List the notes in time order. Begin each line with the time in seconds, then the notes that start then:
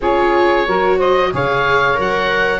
0.00 C#4 F4 G#4 C#5
0.66 F#3 F#4 A#4
0.97 C5 D#5
1.32 C#3 G#4 C#5 F5
1.93 F#3 A#4
2.00 F#5